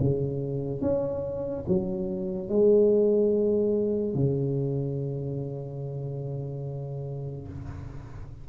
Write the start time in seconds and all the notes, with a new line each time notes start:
0.00 C#3
0.82 C#4
1.68 F#3
2.49 G#3
4.15 C#3